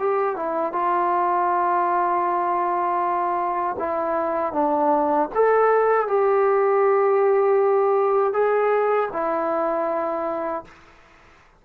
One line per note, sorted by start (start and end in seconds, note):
0.00 0.37 G4
0.37 0.73 E4
0.73 3.77 F4
3.79 4.54 E4
4.54 5.30 D4
5.35 6.08 A4
6.08 8.34 G4
8.34 9.10 G#4
9.13 10.65 E4